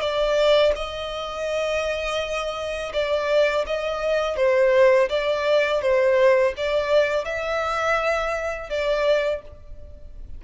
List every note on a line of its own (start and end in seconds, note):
0.00 0.72 D5
0.76 2.92 D#5
2.93 3.65 D5
3.66 4.36 D#5
4.36 5.09 C5
5.09 5.81 D5
5.81 6.54 C5
6.57 7.25 D5
7.25 8.69 E5
8.69 9.41 D5